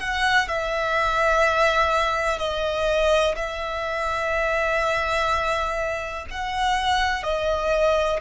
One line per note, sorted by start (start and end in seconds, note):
0.00 0.48 F#5
0.48 2.39 E5
2.39 3.36 D#5
3.36 6.26 E5
6.31 7.24 F#5
7.24 8.20 D#5